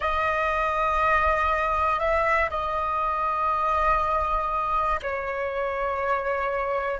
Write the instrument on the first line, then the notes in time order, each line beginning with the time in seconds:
flute
0.00 D#5
2.00 E5
2.50 D#5
5.02 C#5